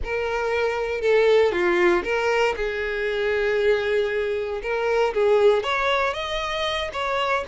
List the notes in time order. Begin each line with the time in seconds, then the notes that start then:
0.04 A#4
1.01 A4
1.52 F4
2.03 A#4
2.56 G#4
4.62 A#4
5.14 G#4
5.63 C#5
6.13 D#5
6.93 C#5